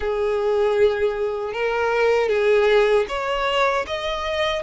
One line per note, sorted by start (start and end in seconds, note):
0.00 1.53 G#4
1.53 2.29 A#4
2.29 3.06 G#4
3.08 3.85 C#5
3.87 4.62 D#5